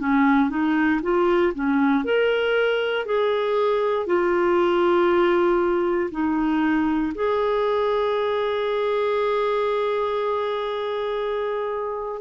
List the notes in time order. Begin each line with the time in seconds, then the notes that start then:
0.00 C#4
0.50 D#4
1.02 F4
1.54 C#4
2.04 A#4
3.06 G#4
4.07 F4
6.11 D#4
7.15 G#4